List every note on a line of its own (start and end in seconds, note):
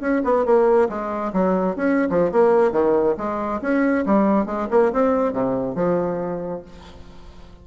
0.00 0.22 C#4
0.24 0.45 B3
0.45 0.89 A#3
0.89 1.32 G#3
1.33 1.76 F#3
1.76 2.08 C#4
2.09 2.31 F3
2.31 2.72 A#3
2.72 3.15 D#3
3.17 3.60 G#3
3.61 4.05 C#4
4.06 4.46 G3
4.46 4.67 G#3
4.70 4.92 A#3
4.92 5.33 C4
5.33 5.75 C3
5.75 6.62 F3